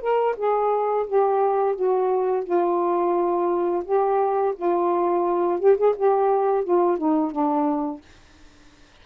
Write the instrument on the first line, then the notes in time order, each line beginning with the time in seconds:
saxophone
0.00 A#4
0.36 G#4
1.07 G4
1.75 F#4
2.44 F4
3.84 G4
4.55 F4
5.59 G4
5.77 G#4
5.96 G4
6.64 F4
6.97 D#4
7.31 D4